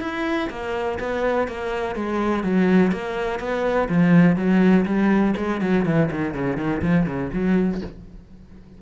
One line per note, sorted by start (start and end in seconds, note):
0.00 0.49 E4
0.50 0.98 A#3
0.99 1.48 B3
1.48 1.95 A#3
1.95 2.43 G#3
2.43 2.92 F#3
2.92 3.39 A#3
3.39 3.88 B3
3.89 4.36 F3
4.36 4.85 F#3
4.85 5.34 G3
5.37 5.61 G#3
5.61 5.85 F#3
5.85 6.10 E3
6.11 6.34 D#3
6.34 6.57 C#3
6.57 6.82 D#3
6.82 7.06 F3
7.06 7.30 C#3
7.33 7.82 F#3